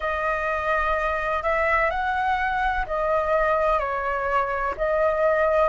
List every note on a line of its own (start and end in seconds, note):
0.00 1.42 D#5
1.42 1.90 E5
1.90 2.85 F#5
2.86 3.79 D#5
3.79 4.74 C#5
4.77 5.69 D#5